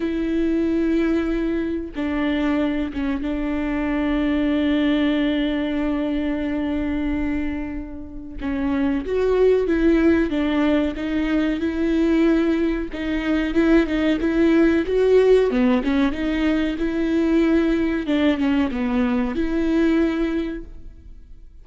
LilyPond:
\new Staff \with { instrumentName = "viola" } { \time 4/4 \tempo 4 = 93 e'2. d'4~ | d'8 cis'8 d'2.~ | d'1~ | d'4 cis'4 fis'4 e'4 |
d'4 dis'4 e'2 | dis'4 e'8 dis'8 e'4 fis'4 | b8 cis'8 dis'4 e'2 | d'8 cis'8 b4 e'2 | }